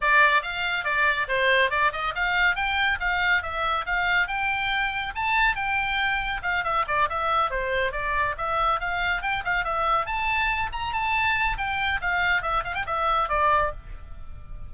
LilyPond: \new Staff \with { instrumentName = "oboe" } { \time 4/4 \tempo 4 = 140 d''4 f''4 d''4 c''4 | d''8 dis''8 f''4 g''4 f''4 | e''4 f''4 g''2 | a''4 g''2 f''8 e''8 |
d''8 e''4 c''4 d''4 e''8~ | e''8 f''4 g''8 f''8 e''4 a''8~ | a''4 ais''8 a''4. g''4 | f''4 e''8 f''16 g''16 e''4 d''4 | }